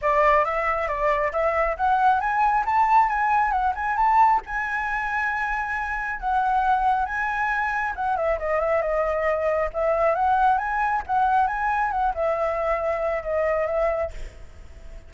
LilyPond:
\new Staff \with { instrumentName = "flute" } { \time 4/4 \tempo 4 = 136 d''4 e''4 d''4 e''4 | fis''4 gis''4 a''4 gis''4 | fis''8 gis''8 a''4 gis''2~ | gis''2 fis''2 |
gis''2 fis''8 e''8 dis''8 e''8 | dis''2 e''4 fis''4 | gis''4 fis''4 gis''4 fis''8 e''8~ | e''2 dis''4 e''4 | }